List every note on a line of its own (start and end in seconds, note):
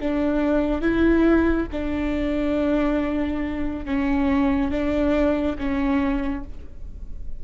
0.00 0.81 D4
0.81 1.67 E4
1.72 3.86 D4
3.86 4.71 C#4
4.71 5.57 D4
5.58 6.44 C#4